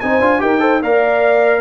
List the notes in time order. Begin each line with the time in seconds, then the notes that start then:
0.00 C4 D#4 C5 G#5
0.20 D4 F4
0.39 D#4 G4 A#4 G5
0.59 A4 C5
0.82 A#3 A#4 D5 F5